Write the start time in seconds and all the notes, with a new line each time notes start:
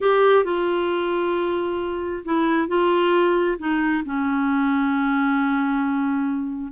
0.00 G4
0.44 F4
2.24 E4
2.68 F4
3.58 D#4
4.05 C#4